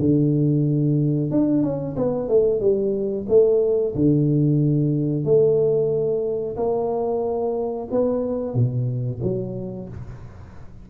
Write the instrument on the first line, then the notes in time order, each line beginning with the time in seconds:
tuba
0.00 D3
1.32 D4
1.63 C#4
1.97 B3
2.29 A3
2.61 G3
3.29 A3
3.96 D3
5.25 A3
6.57 A#3
7.92 B3
8.55 B2
9.23 F#3